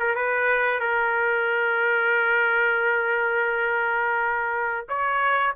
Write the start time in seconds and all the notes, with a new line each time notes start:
0.00 A#4
0.16 B4
0.81 A#4
4.89 C#5